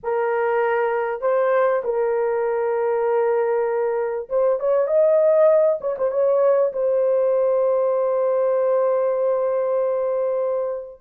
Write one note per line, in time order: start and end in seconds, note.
0.03 1.21 A#4
1.21 1.82 C5
1.84 4.29 A#4
4.29 4.59 C5
4.59 4.87 C#5
4.87 5.79 D#5
5.80 5.96 C#5
5.98 6.11 C5
6.11 6.72 C#5
6.72 11.01 C5